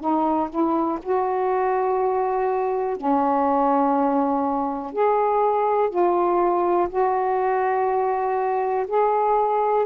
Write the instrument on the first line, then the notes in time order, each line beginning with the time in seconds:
saxophone
0.00 D#4
0.50 E4
1.02 F#4
2.96 C#4
4.92 G#4
5.90 F4
6.89 F#4
8.87 G#4